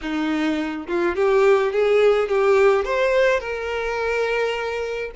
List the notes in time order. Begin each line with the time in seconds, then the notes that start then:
0.01 D#4
0.87 F4
1.15 G4
1.72 G#4
2.28 G4
2.84 C5
3.39 A#4